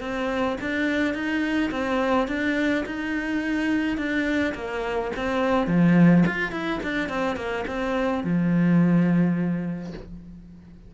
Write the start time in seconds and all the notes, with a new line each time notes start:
0.00 C4
0.61 D4
1.14 D#4
1.71 C4
2.28 D4
2.85 D#4
3.97 D4
4.54 A#3
5.16 C4
5.67 F3
6.26 F4
6.51 E4
6.83 D4
7.09 C4
7.36 A#3
7.67 C4
8.23 F3